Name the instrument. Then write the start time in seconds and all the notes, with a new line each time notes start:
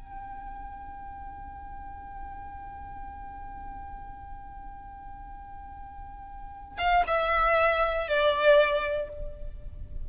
violin
0.00 G5
6.78 F5
7.07 E5
8.08 D5